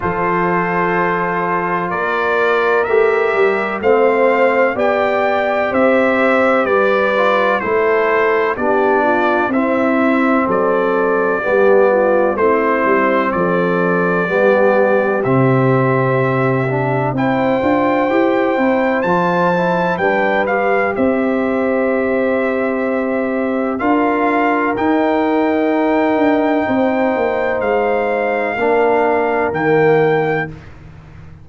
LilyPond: <<
  \new Staff \with { instrumentName = "trumpet" } { \time 4/4 \tempo 4 = 63 c''2 d''4 e''4 | f''4 g''4 e''4 d''4 | c''4 d''4 e''4 d''4~ | d''4 c''4 d''2 |
e''2 g''2 | a''4 g''8 f''8 e''2~ | e''4 f''4 g''2~ | g''4 f''2 g''4 | }
  \new Staff \with { instrumentName = "horn" } { \time 4/4 a'2 ais'2 | c''4 d''4 c''4 b'4 | a'4 g'8 f'8 e'4 a'4 | g'8 f'8 e'4 a'4 g'4~ |
g'2 c''2~ | c''4 b'4 c''2~ | c''4 ais'2. | c''2 ais'2 | }
  \new Staff \with { instrumentName = "trombone" } { \time 4/4 f'2. g'4 | c'4 g'2~ g'8 f'8 | e'4 d'4 c'2 | b4 c'2 b4 |
c'4. d'8 e'8 f'8 g'8 e'8 | f'8 e'8 d'8 g'2~ g'8~ | g'4 f'4 dis'2~ | dis'2 d'4 ais4 | }
  \new Staff \with { instrumentName = "tuba" } { \time 4/4 f2 ais4 a8 g8 | a4 b4 c'4 g4 | a4 b4 c'4 fis4 | g4 a8 g8 f4 g4 |
c2 c'8 d'8 e'8 c'8 | f4 g4 c'2~ | c'4 d'4 dis'4. d'8 | c'8 ais8 gis4 ais4 dis4 | }
>>